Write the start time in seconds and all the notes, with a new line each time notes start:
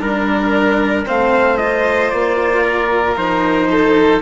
0.00 G3 D4 A#4
1.05 A3 C4 C5 F5
1.58 F4 D#5
2.11 A#3 D5
2.63 A#4
3.16 F3 D#4 C5
3.71 A4